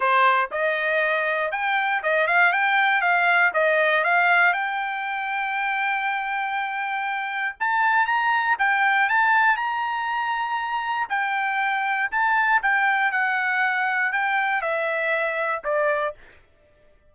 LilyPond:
\new Staff \with { instrumentName = "trumpet" } { \time 4/4 \tempo 4 = 119 c''4 dis''2 g''4 | dis''8 f''8 g''4 f''4 dis''4 | f''4 g''2.~ | g''2. a''4 |
ais''4 g''4 a''4 ais''4~ | ais''2 g''2 | a''4 g''4 fis''2 | g''4 e''2 d''4 | }